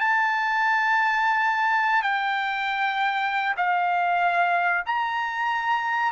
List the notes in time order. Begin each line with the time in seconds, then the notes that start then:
0.00 A5
2.02 G5
3.57 F5
4.86 A#5